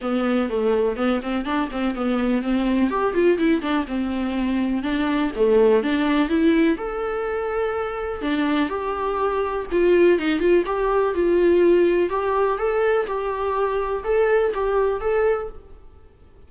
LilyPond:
\new Staff \with { instrumentName = "viola" } { \time 4/4 \tempo 4 = 124 b4 a4 b8 c'8 d'8 c'8 | b4 c'4 g'8 f'8 e'8 d'8 | c'2 d'4 a4 | d'4 e'4 a'2~ |
a'4 d'4 g'2 | f'4 dis'8 f'8 g'4 f'4~ | f'4 g'4 a'4 g'4~ | g'4 a'4 g'4 a'4 | }